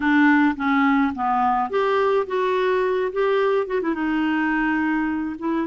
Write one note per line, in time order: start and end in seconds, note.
0.00 0.55 D4
0.56 1.13 C#4
1.14 1.70 B3
1.70 2.26 G4
2.26 3.11 F#4
3.12 3.66 G4
3.66 3.81 F#4
3.81 3.94 E4
3.94 5.35 D#4
5.38 5.67 E4